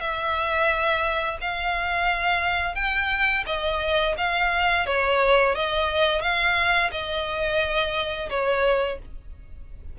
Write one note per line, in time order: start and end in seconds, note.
0.00 1.38 E5
1.41 2.75 F5
2.75 3.44 G5
3.46 4.15 D#5
4.17 4.86 F5
4.86 5.55 C#5
5.55 6.21 D#5
6.21 6.90 F5
6.91 8.29 D#5
8.29 8.98 C#5